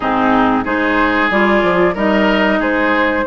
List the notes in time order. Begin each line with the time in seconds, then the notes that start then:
0.00 G#2 C4 D#4 G#4
0.64 G#3 D#4 G#4 C5
1.30 G3 F4 D5
1.62 F3
1.94 G3 D#4 A#4 D#5
2.59 G#3 G#4 C5